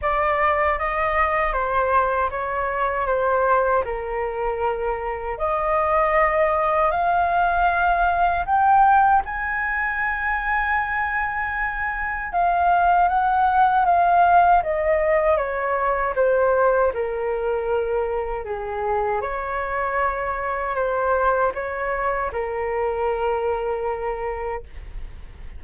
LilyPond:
\new Staff \with { instrumentName = "flute" } { \time 4/4 \tempo 4 = 78 d''4 dis''4 c''4 cis''4 | c''4 ais'2 dis''4~ | dis''4 f''2 g''4 | gis''1 |
f''4 fis''4 f''4 dis''4 | cis''4 c''4 ais'2 | gis'4 cis''2 c''4 | cis''4 ais'2. | }